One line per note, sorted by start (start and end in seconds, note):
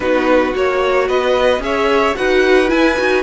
0.00 0.54 B3
0.00 0.54 D#4
0.00 1.07 F#4
0.00 0.53 B4
0.54 1.08 A#3
0.54 1.60 F#4
0.54 1.08 C#5
1.07 1.58 B3
1.07 1.61 B4
1.07 1.62 D#5
1.58 2.12 C#4
1.58 2.14 G#4
1.58 2.16 E5
1.65 2.17 C#5
2.15 2.71 D#4
2.15 2.67 F#4
2.15 3.23 B4
2.15 2.69 F#5
2.67 2.94 E4
2.67 2.98 E4
2.67 3.23 G#5
2.97 3.23 D#4
2.97 3.23 F#4